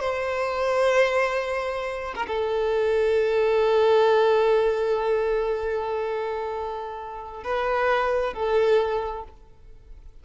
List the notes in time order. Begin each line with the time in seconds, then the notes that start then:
0.00 C5
2.15 A#4
2.27 A4
7.44 B4
8.34 A4